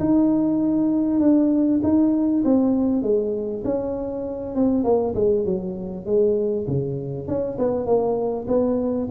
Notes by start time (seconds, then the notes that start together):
0.00 D#4
1.20 D4
1.83 D#4
2.45 C4
3.03 G#3
3.64 C#4
4.56 C4
4.84 A#3
5.15 G#3
5.45 F#3
6.06 G#3
6.68 C#3
7.28 C#4
7.59 B3
7.86 A#3
8.48 B3